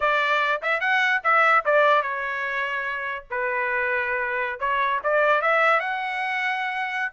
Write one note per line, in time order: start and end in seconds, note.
0.00 0.61 D5
0.62 0.80 E5
0.80 1.21 F#5
1.23 1.64 E5
1.65 2.02 D5
2.02 3.24 C#5
3.30 4.59 B4
4.59 5.00 C#5
5.03 5.41 D5
5.41 5.79 E5
5.79 7.12 F#5